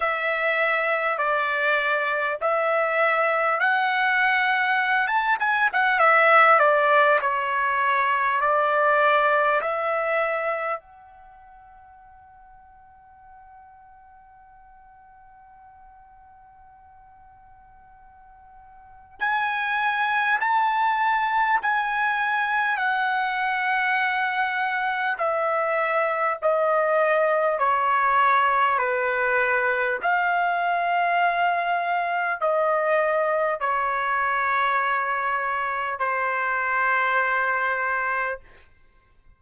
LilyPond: \new Staff \with { instrumentName = "trumpet" } { \time 4/4 \tempo 4 = 50 e''4 d''4 e''4 fis''4~ | fis''16 a''16 gis''16 fis''16 e''8 d''8 cis''4 d''4 | e''4 fis''2.~ | fis''1 |
gis''4 a''4 gis''4 fis''4~ | fis''4 e''4 dis''4 cis''4 | b'4 f''2 dis''4 | cis''2 c''2 | }